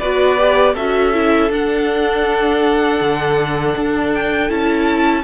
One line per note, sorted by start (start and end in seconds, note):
0.00 0.76 B3
0.00 0.38 F#4
0.00 0.74 B4
0.00 0.75 D5
0.38 0.75 G4
0.74 1.50 C#4
0.74 1.14 F#4
0.74 5.24 A4
0.74 1.52 E5
1.14 1.51 E4
1.50 3.00 D4
1.50 4.49 D4
1.50 4.15 F#5
3.01 3.76 D3
3.77 4.51 D4
4.15 4.51 G5
4.49 5.25 C#4
4.49 5.24 E4
4.49 5.25 A5